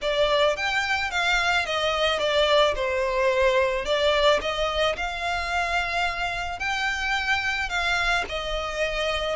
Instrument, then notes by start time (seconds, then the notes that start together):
violin
0.01 D5
0.56 G5
1.10 F5
1.65 D#5
2.19 D5
2.75 C5
3.85 D5
4.41 D#5
4.96 F5
6.59 G5
7.69 F5
8.28 D#5